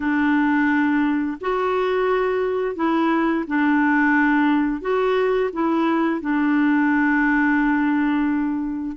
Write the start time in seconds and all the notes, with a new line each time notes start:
0.00 D4
1.40 F#4
2.75 E4
3.47 D4
4.81 F#4
5.52 E4
6.21 D4